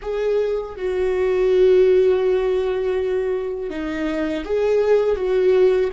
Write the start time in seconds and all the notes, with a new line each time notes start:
0.02 G#4
0.76 F#4
3.69 D#4
4.44 G#4
5.16 F#4